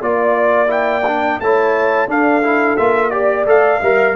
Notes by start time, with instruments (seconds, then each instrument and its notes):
0.00 tuba A#3, trombone F4, horn D5, trumpet D5
0.67 trombone E4, trumpet G5
1.06 trombone D4
1.39 tuba A3, trombone E4, horn C#5, trumpet A5
2.07 tuba D4, trombone D4, horn A4, trumpet F5
2.43 trombone E4
2.77 tuba A#3, trombone F4, trumpet E5
3.10 trombone G4, trumpet D5, horn D5
3.45 tuba A3, trombone A4, trumpet F5
3.81 tuba G3, trombone A#4, horn E5